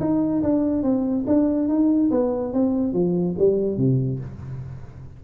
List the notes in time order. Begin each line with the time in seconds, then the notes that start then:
0.00 D#4
0.43 D4
0.83 C4
1.27 D4
1.68 D#4
2.11 B3
2.53 C4
2.93 F3
3.39 G3
3.77 C3